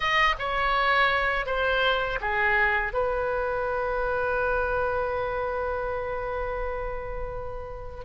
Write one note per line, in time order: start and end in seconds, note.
0.00 0.35 D#5
0.38 1.46 C#5
1.46 2.19 C5
2.21 2.93 G#4
2.93 8.05 B4